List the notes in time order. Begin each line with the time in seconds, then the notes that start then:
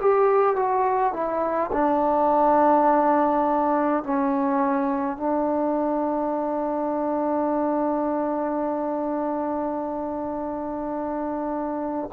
0.00 G4
0.55 F#4
1.13 E4
1.73 D4
4.03 C#4
5.17 D4